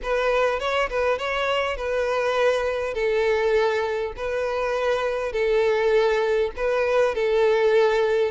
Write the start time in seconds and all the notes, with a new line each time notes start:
0.02 B4
0.59 C#5
0.89 B4
1.18 C#5
1.76 B4
2.94 A4
4.16 B4
5.32 A4
6.56 B4
7.14 A4